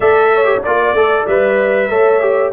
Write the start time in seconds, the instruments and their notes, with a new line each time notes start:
0.00 tuba A3, trombone A4, horn D5, trumpet E5
0.34 horn C#5
0.44 trombone G4
0.61 tuba A#3, trombone F4, horn D5, trumpet D5
0.93 tuba A3, trombone A4
1.26 tuba G3, trombone B4, trumpet E5
1.89 tuba A3, trombone A4, horn C#5
2.20 trombone G4